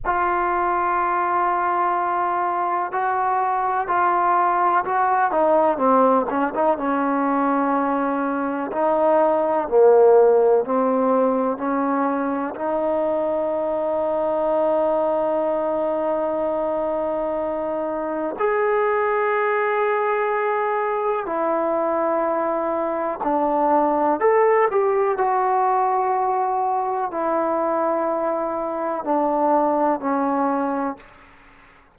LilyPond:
\new Staff \with { instrumentName = "trombone" } { \time 4/4 \tempo 4 = 62 f'2. fis'4 | f'4 fis'8 dis'8 c'8 cis'16 dis'16 cis'4~ | cis'4 dis'4 ais4 c'4 | cis'4 dis'2.~ |
dis'2. gis'4~ | gis'2 e'2 | d'4 a'8 g'8 fis'2 | e'2 d'4 cis'4 | }